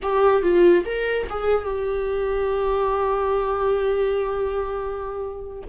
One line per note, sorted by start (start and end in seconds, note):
0.02 0.42 G4
0.42 0.84 F4
0.85 1.27 A#4
1.29 1.64 G#4
1.64 5.63 G4